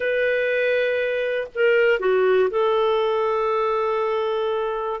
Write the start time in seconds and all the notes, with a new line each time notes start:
0.00 B4
1.55 A#4
1.99 F#4
2.50 A4